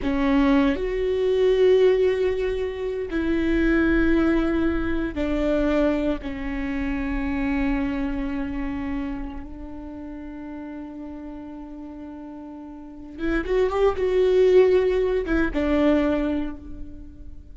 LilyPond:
\new Staff \with { instrumentName = "viola" } { \time 4/4 \tempo 4 = 116 cis'4. fis'2~ fis'8~ | fis'2 e'2~ | e'2 d'2 | cis'1~ |
cis'2~ cis'16 d'4.~ d'16~ | d'1~ | d'4. e'8 fis'8 g'8 fis'4~ | fis'4. e'8 d'2 | }